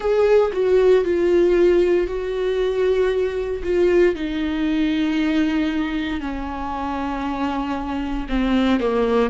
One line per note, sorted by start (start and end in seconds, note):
0.00 0.51 G#4
0.52 1.04 F#4
1.04 2.07 F4
2.07 3.62 F#4
3.63 4.15 F4
4.15 6.20 D#4
6.20 8.27 C#4
8.29 8.80 C4
8.80 9.30 A#3